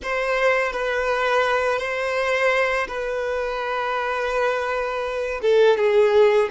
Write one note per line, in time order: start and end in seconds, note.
0.02 0.72 C5
0.72 1.78 B4
1.78 2.87 C5
2.87 5.40 B4
5.42 5.77 A4
5.77 6.49 G#4